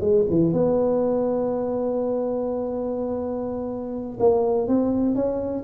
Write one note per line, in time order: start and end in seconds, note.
0.00 0.24 G#3
0.30 0.53 E3
0.53 4.18 B3
4.19 4.67 A#3
4.67 5.15 C4
5.15 5.64 C#4